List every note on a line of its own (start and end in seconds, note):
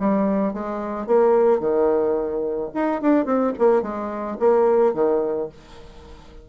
0.00 0.54 G3
0.54 1.07 G#3
1.07 1.60 A#3
1.60 2.70 D#3
2.74 3.02 D#4
3.02 3.25 D4
3.25 3.53 C4
3.59 3.82 A#3
3.82 4.37 G#3
4.39 4.94 A#3
4.94 5.49 D#3